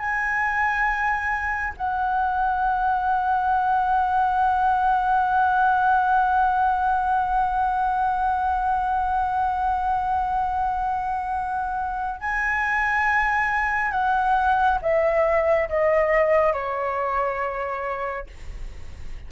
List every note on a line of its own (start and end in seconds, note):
0.00 1.74 G#5
1.77 12.21 F#5
12.21 13.92 G#5
13.92 14.79 F#5
14.82 15.69 E5
15.70 16.53 D#5
16.53 18.27 C#5